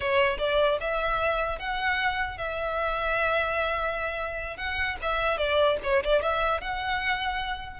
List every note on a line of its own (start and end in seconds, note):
0.00 0.37 C#5
0.38 0.78 D5
0.80 1.58 E5
1.58 2.37 F#5
2.37 4.57 E5
4.57 4.97 F#5
5.01 5.37 E5
5.37 5.77 D5
5.83 6.03 C#5
6.04 6.21 D5
6.21 6.61 E5
6.61 7.80 F#5